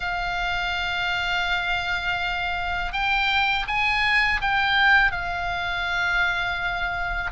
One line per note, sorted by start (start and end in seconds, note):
0.00 2.92 F5
2.92 3.66 G5
3.67 4.40 G#5
4.41 5.11 G5
5.11 7.31 F5